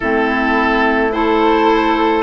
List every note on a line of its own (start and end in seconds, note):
0.00 2.23 A3
0.00 1.11 C4
0.00 1.14 E4
0.00 1.12 A4
1.11 2.23 E4
1.11 2.23 A4
1.11 2.23 C5